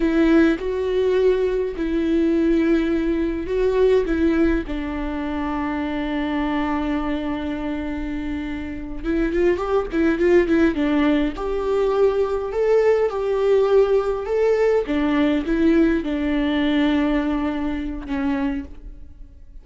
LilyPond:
\new Staff \with { instrumentName = "viola" } { \time 4/4 \tempo 4 = 103 e'4 fis'2 e'4~ | e'2 fis'4 e'4 | d'1~ | d'2.~ d'8 e'8 |
f'8 g'8 e'8 f'8 e'8 d'4 g'8~ | g'4. a'4 g'4.~ | g'8 a'4 d'4 e'4 d'8~ | d'2. cis'4 | }